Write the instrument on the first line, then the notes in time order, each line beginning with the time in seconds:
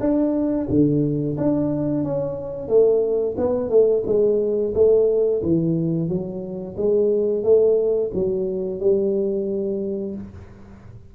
tuba
0.00 D4
0.70 D3
1.38 D4
2.04 C#4
2.68 A3
3.37 B3
3.69 A3
4.06 G#3
4.75 A3
5.43 E3
6.09 F#3
6.77 G#3
7.43 A3
8.14 F#3
8.80 G3